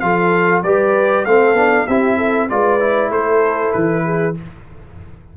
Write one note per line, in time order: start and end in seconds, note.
0.00 0.63 F3
0.00 0.64 F4
0.00 0.64 A4
0.00 0.62 F5
0.63 1.25 G3
0.63 1.27 G4
0.63 1.26 B4
0.63 1.25 D5
1.25 1.53 A3
1.25 1.56 C4
1.25 1.87 A4
1.25 1.87 F5
1.53 1.84 B3
1.53 1.87 D4
1.87 2.50 C4
1.87 2.50 E4
1.87 2.17 G4
1.87 2.49 E5
2.17 2.48 A4
2.50 3.10 G#3
2.50 2.80 F4
2.50 3.11 B4
2.50 3.11 D5
2.80 4.35 E4
3.10 3.72 A3
3.10 4.04 A4
3.10 3.73 C5
3.73 4.37 E3
3.73 4.35 B4
4.05 4.36 G#4